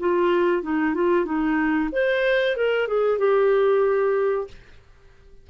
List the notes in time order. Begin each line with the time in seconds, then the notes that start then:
0.00 F4
0.63 D#4
0.95 F4
1.26 D#4
1.92 C5
2.57 A#4
2.88 G#4
3.19 G4